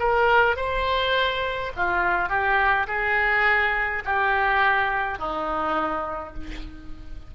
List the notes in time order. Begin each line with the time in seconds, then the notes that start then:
0.00 A#4
0.57 C5
1.77 F4
2.29 G4
2.88 G#4
4.05 G4
5.19 D#4